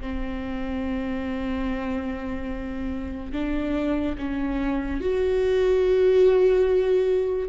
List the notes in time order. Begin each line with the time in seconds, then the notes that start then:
0.00 C4
3.32 D4
4.18 C#4
5.01 F#4